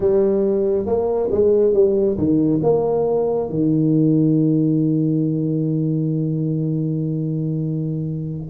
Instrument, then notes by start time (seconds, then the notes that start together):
tuba
0.00 G3
0.86 A#3
1.30 G#3
1.74 G3
2.17 D#3
2.62 A#3
3.49 D#3